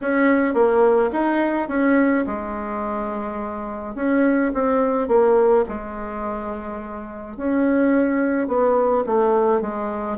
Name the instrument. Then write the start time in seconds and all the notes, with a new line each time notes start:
bassoon
0.01 C#4
0.54 A#3
1.12 D#4
1.68 C#4
2.26 G#3
3.95 C#4
4.54 C4
5.08 A#3
5.68 G#3
7.36 C#4
8.47 B3
9.06 A3
9.61 G#3